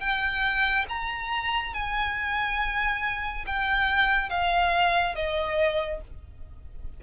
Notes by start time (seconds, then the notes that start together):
0.00 G5
0.89 A#5
1.73 G#5
3.46 G5
4.29 F5
5.15 D#5